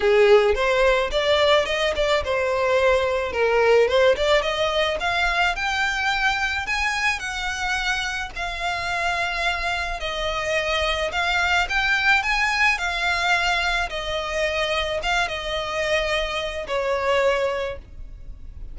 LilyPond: \new Staff \with { instrumentName = "violin" } { \time 4/4 \tempo 4 = 108 gis'4 c''4 d''4 dis''8 d''8 | c''2 ais'4 c''8 d''8 | dis''4 f''4 g''2 | gis''4 fis''2 f''4~ |
f''2 dis''2 | f''4 g''4 gis''4 f''4~ | f''4 dis''2 f''8 dis''8~ | dis''2 cis''2 | }